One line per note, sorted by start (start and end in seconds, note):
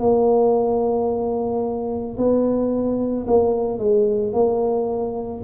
0.00 2.18 A#3
2.18 3.27 B3
3.27 3.79 A#3
3.79 4.33 G#3
4.33 5.42 A#3